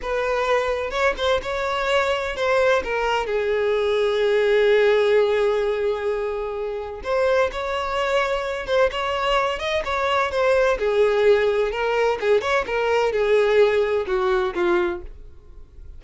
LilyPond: \new Staff \with { instrumentName = "violin" } { \time 4/4 \tempo 4 = 128 b'2 cis''8 c''8 cis''4~ | cis''4 c''4 ais'4 gis'4~ | gis'1~ | gis'2. c''4 |
cis''2~ cis''8 c''8 cis''4~ | cis''8 dis''8 cis''4 c''4 gis'4~ | gis'4 ais'4 gis'8 cis''8 ais'4 | gis'2 fis'4 f'4 | }